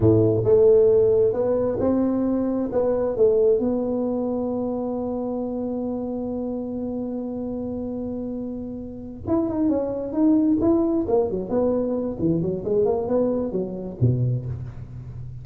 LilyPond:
\new Staff \with { instrumentName = "tuba" } { \time 4/4 \tempo 4 = 133 a,4 a2 b4 | c'2 b4 a4 | b1~ | b1~ |
b1~ | b8 e'8 dis'8 cis'4 dis'4 e'8~ | e'8 ais8 fis8 b4. e8 fis8 | gis8 ais8 b4 fis4 b,4 | }